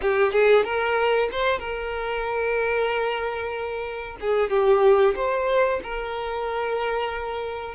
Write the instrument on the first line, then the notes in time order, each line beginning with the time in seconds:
violin
0.01 G4
0.32 G#4
0.64 A#4
1.31 C5
1.59 A#4
4.20 G#4
4.50 G4
5.15 C5
5.83 A#4